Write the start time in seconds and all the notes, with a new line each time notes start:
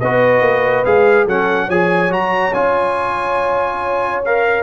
0.00 B3 F#4 B4 D#5
0.41 A#3
0.85 G#3 G#4 F5
1.25 F#3 C#4 A4 F#5
1.66 F3 G#4 C#5 G#5
2.10 F#3 F#4 A#5
2.53 C#4 F4 G#5
4.25 A#4 F5